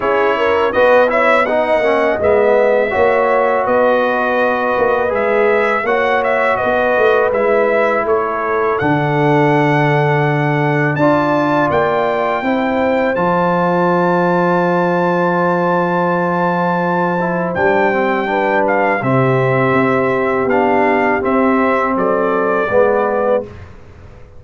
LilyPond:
<<
  \new Staff \with { instrumentName = "trumpet" } { \time 4/4 \tempo 4 = 82 cis''4 dis''8 e''8 fis''4 e''4~ | e''4 dis''2 e''4 | fis''8 e''8 dis''4 e''4 cis''4 | fis''2. a''4 |
g''2 a''2~ | a''1 | g''4. f''8 e''2 | f''4 e''4 d''2 | }
  \new Staff \with { instrumentName = "horn" } { \time 4/4 gis'8 ais'8 b'8 cis''8 dis''2 | cis''4 b'2. | cis''4 b'2 a'4~ | a'2. d''4~ |
d''4 c''2.~ | c''1~ | c''4 b'4 g'2~ | g'2 a'4 b'4 | }
  \new Staff \with { instrumentName = "trombone" } { \time 4/4 e'4 fis'8 e'8 dis'8 cis'8 b4 | fis'2. gis'4 | fis'2 e'2 | d'2. f'4~ |
f'4 e'4 f'2~ | f'2.~ f'8 e'8 | d'8 c'8 d'4 c'2 | d'4 c'2 b4 | }
  \new Staff \with { instrumentName = "tuba" } { \time 4/4 cis'4 b4. ais8 gis4 | ais4 b4. ais8 gis4 | ais4 b8 a8 gis4 a4 | d2. d'4 |
ais4 c'4 f2~ | f1 | g2 c4 c'4 | b4 c'4 fis4 gis4 | }
>>